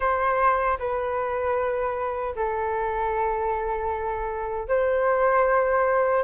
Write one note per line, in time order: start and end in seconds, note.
0.00 0.78 C5
0.79 2.34 B4
2.36 4.68 A4
4.68 6.23 C5